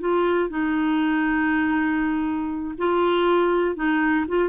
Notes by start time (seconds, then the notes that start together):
0.00 F4
0.50 D#4
2.78 F4
3.75 D#4
4.28 F4